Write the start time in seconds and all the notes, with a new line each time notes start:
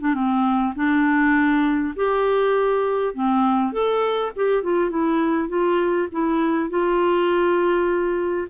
0.00 D4
0.14 C4
0.75 D4
1.95 G4
3.14 C4
3.72 A4
4.35 G4
4.63 F4
4.89 E4
5.48 F4
6.12 E4
6.69 F4